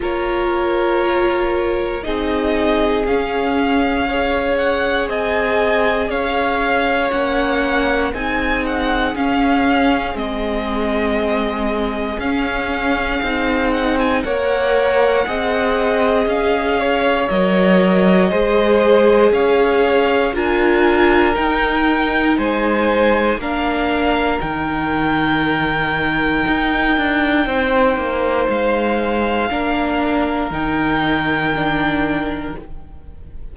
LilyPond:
<<
  \new Staff \with { instrumentName = "violin" } { \time 4/4 \tempo 4 = 59 cis''2 dis''4 f''4~ | f''8 fis''8 gis''4 f''4 fis''4 | gis''8 fis''8 f''4 dis''2 | f''4. fis''16 gis''16 fis''2 |
f''4 dis''2 f''4 | gis''4 g''4 gis''4 f''4 | g''1 | f''2 g''2 | }
  \new Staff \with { instrumentName = "violin" } { \time 4/4 ais'2 gis'2 | cis''4 dis''4 cis''2 | gis'1~ | gis'2 cis''4 dis''4~ |
dis''8 cis''4. c''4 cis''4 | ais'2 c''4 ais'4~ | ais'2. c''4~ | c''4 ais'2. | }
  \new Staff \with { instrumentName = "viola" } { \time 4/4 f'2 dis'4 cis'4 | gis'2. cis'4 | dis'4 cis'4 c'2 | cis'4 dis'4 ais'4 gis'4~ |
gis'4 ais'4 gis'2 | f'4 dis'2 d'4 | dis'1~ | dis'4 d'4 dis'4 d'4 | }
  \new Staff \with { instrumentName = "cello" } { \time 4/4 ais2 c'4 cis'4~ | cis'4 c'4 cis'4 ais4 | c'4 cis'4 gis2 | cis'4 c'4 ais4 c'4 |
cis'4 fis4 gis4 cis'4 | d'4 dis'4 gis4 ais4 | dis2 dis'8 d'8 c'8 ais8 | gis4 ais4 dis2 | }
>>